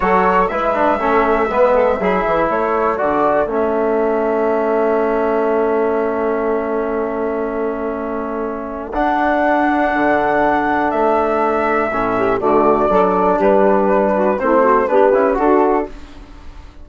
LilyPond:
<<
  \new Staff \with { instrumentName = "flute" } { \time 4/4 \tempo 4 = 121 cis''4 e''2.~ | e''4 cis''4 d''4 e''4~ | e''1~ | e''1~ |
e''2 fis''2~ | fis''2 e''2~ | e''4 d''2 b'4~ | b'4 c''4 b'4 a'4 | }
  \new Staff \with { instrumentName = "saxophone" } { \time 4/4 a'4 b'4 a'4 b'8 a'8 | gis'4 a'2.~ | a'1~ | a'1~ |
a'1~ | a'1~ | a'8 g'8 fis'4 a'4 g'4~ | g'8 fis'8 e'8 fis'8 g'4 fis'4 | }
  \new Staff \with { instrumentName = "trombone" } { \time 4/4 fis'4 e'8 d'8 cis'4 b4 | e'2 fis'4 cis'4~ | cis'1~ | cis'1~ |
cis'2 d'2~ | d'1 | cis'4 a4 d'2~ | d'4 c'4 d'8 e'8 fis'4 | }
  \new Staff \with { instrumentName = "bassoon" } { \time 4/4 fis4 gis4 a4 gis4 | fis8 e8 a4 d4 a4~ | a1~ | a1~ |
a2 d'2 | d2 a2 | a,4 d4 fis4 g4~ | g4 a4 b8 cis'8 d'4 | }
>>